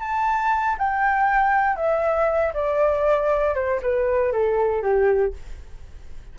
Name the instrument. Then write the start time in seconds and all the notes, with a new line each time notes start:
flute
0.00 A5
0.78 G5
1.76 E5
2.54 D5
3.55 C5
3.82 B4
4.32 A4
4.82 G4